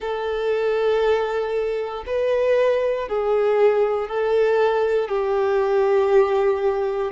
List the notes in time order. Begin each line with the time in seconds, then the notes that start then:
0.00 A4
2.06 B4
3.08 G#4
4.08 A4
5.08 G4